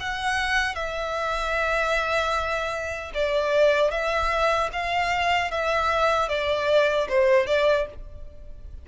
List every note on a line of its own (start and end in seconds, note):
0.00 0.75 F#5
0.75 3.12 E5
3.14 3.91 D5
3.91 4.70 E5
4.73 5.51 F5
5.51 6.29 E5
6.29 7.08 D5
7.09 7.47 C5
7.47 7.86 D5